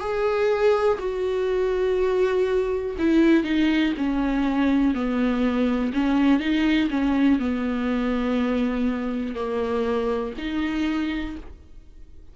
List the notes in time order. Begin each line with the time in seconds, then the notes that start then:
0.00 G#4
0.99 F#4
2.99 E4
3.44 D#4
3.97 C#4
4.94 B3
5.94 C#4
6.40 D#4
6.90 C#4
7.39 B3
9.35 A#3
10.38 D#4